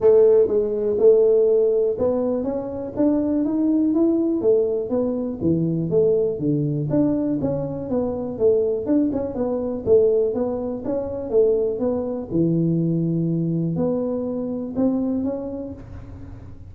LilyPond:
\new Staff \with { instrumentName = "tuba" } { \time 4/4 \tempo 4 = 122 a4 gis4 a2 | b4 cis'4 d'4 dis'4 | e'4 a4 b4 e4 | a4 d4 d'4 cis'4 |
b4 a4 d'8 cis'8 b4 | a4 b4 cis'4 a4 | b4 e2. | b2 c'4 cis'4 | }